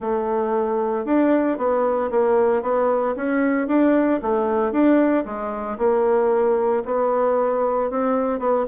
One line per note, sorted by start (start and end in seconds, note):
0.00 1.05 A3
1.05 1.57 D4
1.57 2.10 B3
2.10 2.62 A#3
2.62 3.15 B3
3.16 3.67 C#4
3.67 4.20 D4
4.22 4.72 A3
4.72 5.24 D4
5.25 5.77 G#3
5.78 6.83 A#3
6.85 7.90 B3
7.90 8.39 C4
8.39 8.65 B3